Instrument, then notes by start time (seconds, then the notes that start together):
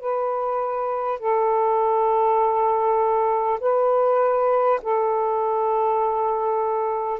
saxophone
0.00 B4
1.19 A4
3.60 B4
4.82 A4